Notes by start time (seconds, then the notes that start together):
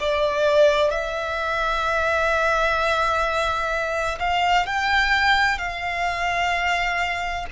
0.00 D5
0.91 E5
4.20 F5
4.67 G5
5.59 F5